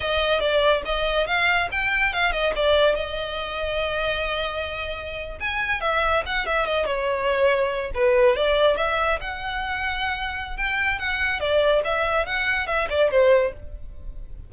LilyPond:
\new Staff \with { instrumentName = "violin" } { \time 4/4 \tempo 4 = 142 dis''4 d''4 dis''4 f''4 | g''4 f''8 dis''8 d''4 dis''4~ | dis''1~ | dis''8. gis''4 e''4 fis''8 e''8 dis''16~ |
dis''16 cis''2~ cis''8 b'4 d''16~ | d''8. e''4 fis''2~ fis''16~ | fis''4 g''4 fis''4 d''4 | e''4 fis''4 e''8 d''8 c''4 | }